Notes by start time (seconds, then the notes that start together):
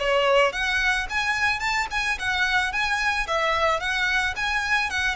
0.00 C#5
0.53 F#5
1.10 G#5
1.60 A5
1.91 G#5
2.19 F#5
2.73 G#5
3.28 E5
3.80 F#5
4.37 G#5
4.90 F#5